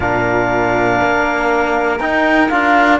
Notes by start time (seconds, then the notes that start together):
0.00 A#2 D4 A#4 F5
1.03 A#3
1.99 D#4 G5
2.49 D4 F4 F5